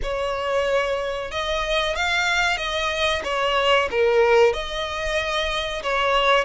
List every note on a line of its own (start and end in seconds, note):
0.02 1.31 C#5
1.31 1.95 D#5
1.95 2.57 F5
2.57 3.21 D#5
3.24 3.88 C#5
3.90 4.53 A#4
4.53 5.82 D#5
5.82 6.44 C#5